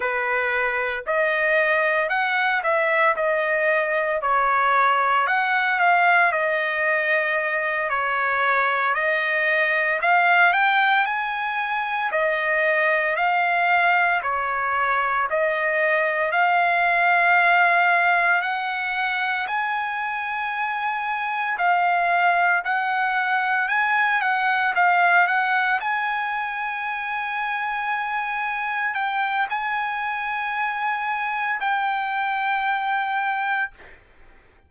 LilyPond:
\new Staff \with { instrumentName = "trumpet" } { \time 4/4 \tempo 4 = 57 b'4 dis''4 fis''8 e''8 dis''4 | cis''4 fis''8 f''8 dis''4. cis''8~ | cis''8 dis''4 f''8 g''8 gis''4 dis''8~ | dis''8 f''4 cis''4 dis''4 f''8~ |
f''4. fis''4 gis''4.~ | gis''8 f''4 fis''4 gis''8 fis''8 f''8 | fis''8 gis''2. g''8 | gis''2 g''2 | }